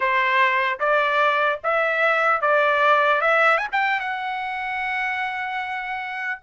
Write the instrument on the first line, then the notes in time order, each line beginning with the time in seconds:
trumpet
0.00 C5
0.79 D5
1.63 E5
2.41 D5
3.21 E5
3.57 G#5
3.72 G5
4.00 F#5